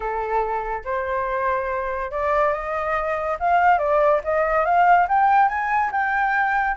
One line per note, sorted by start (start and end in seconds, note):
0.00 0.83 A4
0.84 2.11 C5
2.11 2.53 D5
2.53 3.37 D#5
3.39 3.78 F5
3.78 4.20 D5
4.23 4.65 D#5
4.65 5.07 F5
5.08 5.48 G5
5.48 5.90 G#5
5.91 6.76 G5